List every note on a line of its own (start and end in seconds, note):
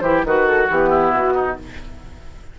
0.00 0.24 E3
0.00 0.27 E4
0.00 0.25 G4
0.00 0.22 C5
0.24 0.68 D#3
0.24 0.71 F#4
0.24 0.90 F#4
0.24 0.47 B4
0.47 0.69 A4
0.70 1.12 E3
0.70 1.59 B3
0.70 1.12 G4
0.90 1.33 E4
1.12 1.56 B2
1.12 1.56 F#4
1.35 1.56 D#4